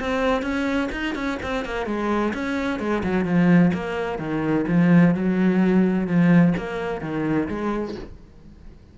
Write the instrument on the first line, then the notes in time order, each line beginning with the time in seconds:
cello
0.00 C4
0.42 C#4
0.92 D#4
1.15 C#4
1.43 C4
1.65 A#3
1.86 G#3
2.34 C#4
2.80 G#3
3.04 F#3
3.25 F3
3.74 A#3
4.19 D#3
4.68 F3
5.15 F#3
6.07 F3
6.58 A#3
7.01 D#3
7.48 G#3